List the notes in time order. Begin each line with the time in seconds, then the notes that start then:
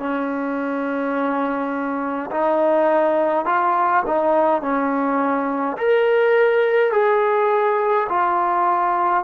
0.00 C#4
2.32 D#4
3.46 F4
4.06 D#4
4.62 C#4
5.78 A#4
6.92 G#4
8.09 F4